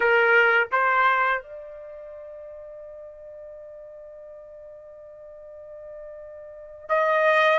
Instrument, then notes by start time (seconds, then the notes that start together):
trumpet
0.00 A#4
0.71 C5
1.42 D5
6.88 D#5